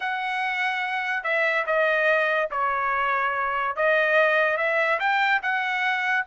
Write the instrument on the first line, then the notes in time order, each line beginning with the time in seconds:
trumpet
0.00 F#5
1.23 E5
1.66 D#5
2.50 C#5
3.75 D#5
4.57 E5
4.99 G5
5.42 F#5